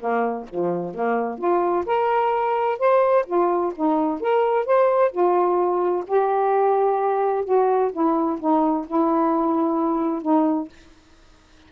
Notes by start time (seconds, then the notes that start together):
0.00 A#3
0.49 F3
0.95 A#3
1.38 F4
1.86 A#4
2.79 C5
3.27 F4
3.76 D#4
4.21 A#4
4.66 C5
5.12 F4
6.07 G4
7.45 F#4
7.93 E4
8.40 D#4
8.88 E4
10.22 D#4